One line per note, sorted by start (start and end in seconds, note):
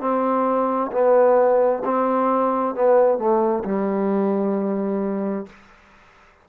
0.00 0.91 C4
0.92 1.83 B3
1.84 2.75 C4
2.75 3.18 B3
3.18 3.63 A3
3.64 5.46 G3